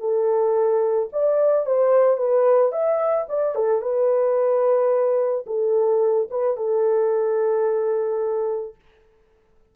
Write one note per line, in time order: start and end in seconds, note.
0.00 1.09 A4
1.13 1.66 D5
1.66 2.17 C5
2.17 2.72 B4
2.72 3.27 E5
3.29 3.55 D5
3.55 3.82 A4
3.82 5.45 B4
5.47 6.29 A4
6.30 6.57 B4
6.57 8.75 A4